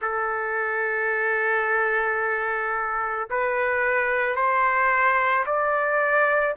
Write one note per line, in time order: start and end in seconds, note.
0.01 3.28 A4
3.30 4.35 B4
4.35 5.44 C5
5.45 6.55 D5